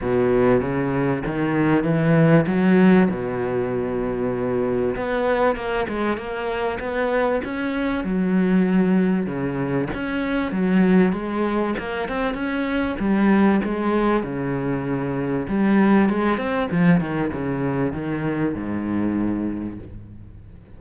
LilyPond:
\new Staff \with { instrumentName = "cello" } { \time 4/4 \tempo 4 = 97 b,4 cis4 dis4 e4 | fis4 b,2. | b4 ais8 gis8 ais4 b4 | cis'4 fis2 cis4 |
cis'4 fis4 gis4 ais8 c'8 | cis'4 g4 gis4 cis4~ | cis4 g4 gis8 c'8 f8 dis8 | cis4 dis4 gis,2 | }